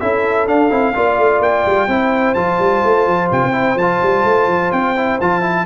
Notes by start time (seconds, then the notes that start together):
0.00 C#4 E4 A4 E5
0.47 D4 F5
0.70 C4 E4
0.94 A#3 F4 D5
1.18 A3
1.40 A#3 G5
1.66 G3
1.87 C4 E4 C5
2.35 F3 F4 A5
2.59 G3
2.84 A3
3.07 F3
3.31 C3 G5
3.43 C4
3.52 E4
3.76 F3 A5
3.82 F4
4.03 G3
4.24 A3
4.48 F3
4.72 C4 G5
4.96 E4
5.21 F3 F4 A5
5.42 E4